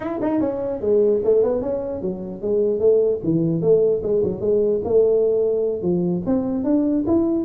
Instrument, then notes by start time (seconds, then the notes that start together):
tuba
0.00 E4
0.21 D#4
0.40 C#4
0.81 G#3
1.24 A3
1.43 B3
1.61 C#4
2.01 F#3
2.41 G#3
2.79 A3
3.23 E3
3.61 A3
4.02 G#3
4.23 F#3
4.40 G#3
4.84 A3
5.82 F3
6.25 C4
6.64 D4
7.06 E4